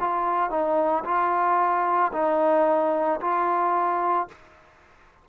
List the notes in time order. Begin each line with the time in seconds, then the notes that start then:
0.00 F4
0.50 D#4
1.04 F4
2.12 D#4
3.20 F4